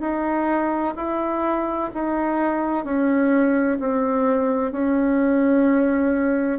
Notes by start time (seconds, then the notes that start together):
0.00 D#4
0.96 E4
1.94 D#4
2.85 C#4
3.80 C4
4.72 C#4